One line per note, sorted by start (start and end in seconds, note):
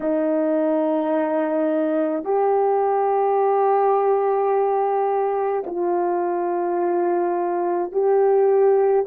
0.00 2.24 D#4
2.24 5.63 G4
5.66 7.92 F4
7.92 9.05 G4